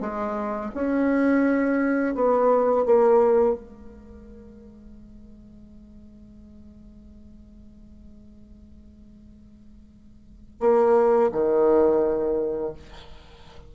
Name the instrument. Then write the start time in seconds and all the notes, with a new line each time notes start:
bassoon
0.00 G#3
0.74 C#4
2.14 B3
2.85 A#3
3.55 G#3
10.59 A#3
11.32 D#3